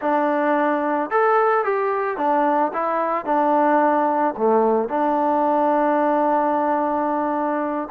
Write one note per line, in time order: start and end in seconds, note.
0.01 1.10 D4
1.10 1.64 A4
1.64 2.17 G4
2.17 2.71 D4
2.73 3.25 E4
3.25 4.34 D4
4.37 4.88 A3
4.88 7.88 D4